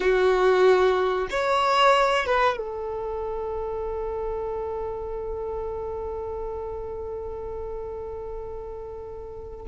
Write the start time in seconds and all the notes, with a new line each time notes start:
0.00 F#4
1.30 C#5
2.26 B4
2.57 A4